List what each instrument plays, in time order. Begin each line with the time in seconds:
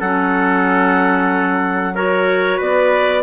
0.00 bassoon F#3, clarinet C#4 F#5, trumpet A4
1.95 clarinet F#4 C#5, trumpet A#4
2.57 bassoon B3, trumpet B4, clarinet D5